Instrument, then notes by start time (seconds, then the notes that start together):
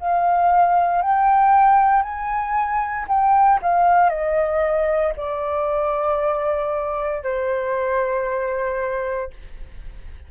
flute
0.00 F5
1.02 G5
2.03 G#5
3.08 G5
3.63 F5
4.10 D#5
5.17 D5
7.24 C5